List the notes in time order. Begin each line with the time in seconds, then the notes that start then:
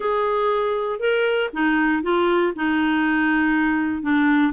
0.00 G#4
0.99 A#4
1.53 D#4
2.02 F4
2.55 D#4
4.02 D4